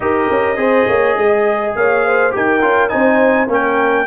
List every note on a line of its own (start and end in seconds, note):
0.00 0.27 D#4
0.00 0.56 G4
0.00 0.58 A#4
0.00 1.73 D#5
0.30 0.56 C#4
0.56 0.86 C4
0.56 2.31 G#4
0.56 0.87 C5
0.87 1.17 A#3
0.87 1.16 C#5
1.17 1.75 G#3
1.17 1.77 D#5
1.75 2.33 A#3
1.75 2.05 C#5
1.75 2.34 F5
2.05 2.34 C5
2.31 2.62 D#4
2.31 2.60 G4
2.31 2.92 A#4
2.31 2.89 G5
2.61 2.91 C#4
2.61 2.89 F4
2.89 3.47 C4
2.89 3.47 D#4
2.89 3.49 C5
2.89 3.47 G#5
3.47 4.05 A#3
3.47 4.06 C#4
3.47 4.06 A#4
3.47 4.06 G5